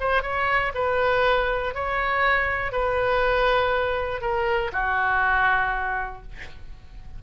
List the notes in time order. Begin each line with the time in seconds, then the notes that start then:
0.00 C5
0.22 C#5
0.75 B4
1.75 C#5
2.72 B4
4.21 A#4
4.72 F#4